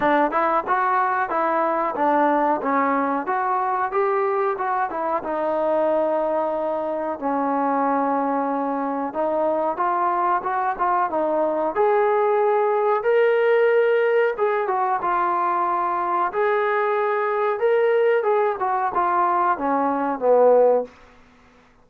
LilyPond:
\new Staff \with { instrumentName = "trombone" } { \time 4/4 \tempo 4 = 92 d'8 e'8 fis'4 e'4 d'4 | cis'4 fis'4 g'4 fis'8 e'8 | dis'2. cis'4~ | cis'2 dis'4 f'4 |
fis'8 f'8 dis'4 gis'2 | ais'2 gis'8 fis'8 f'4~ | f'4 gis'2 ais'4 | gis'8 fis'8 f'4 cis'4 b4 | }